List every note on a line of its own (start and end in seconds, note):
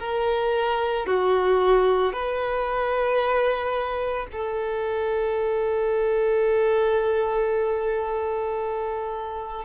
0.00 1.07 A#4
1.07 2.13 F#4
2.13 4.27 B4
4.32 9.65 A4